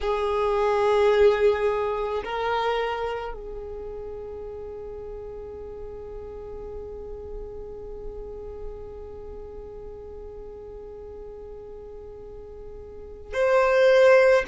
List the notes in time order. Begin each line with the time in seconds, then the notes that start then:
0.01 G#4
2.24 A#4
3.34 G#4
13.33 C5